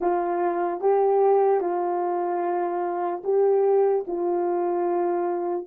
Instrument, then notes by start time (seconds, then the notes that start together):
horn
0.00 F4
0.80 G4
1.60 F4
3.24 G4
4.07 F4